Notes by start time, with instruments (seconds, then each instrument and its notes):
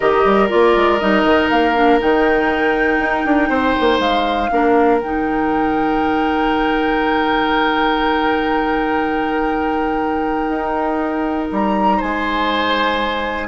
0.00 bassoon D#3, clarinet G4, oboe A#4, flute D#5
0.24 bassoon G3
0.49 bassoon A#3, clarinet F4, flute D5
0.76 bassoon G#3
0.98 bassoon G3, clarinet D#4, flute D#5
1.24 bassoon D#3
1.50 bassoon A#3, flute F5
1.74 clarinet D4
1.99 bassoon D#3, clarinet D#4, flute G5
2.99 bassoon D#4
3.25 bassoon D4
3.49 bassoon C4, oboe C5
3.80 bassoon A#3
3.99 bassoon G#3, flute F5
4.51 bassoon A#3, clarinet D4, oboe A#4
4.99 bassoon D#3, clarinet D#4, flute G5
10.48 bassoon D#4
11.51 bassoon G3, flute A#5
11.97 bassoon G#3, oboe C5, flute G#5